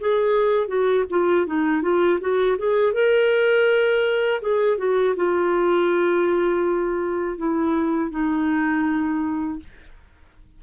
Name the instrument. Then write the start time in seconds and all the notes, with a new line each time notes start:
clarinet
0.00 G#4
0.68 F#4
1.10 F4
1.46 D#4
1.82 F4
2.21 F#4
2.58 G#4
2.93 A#4
4.42 G#4
4.78 F#4
5.16 F4
7.38 E4
8.11 D#4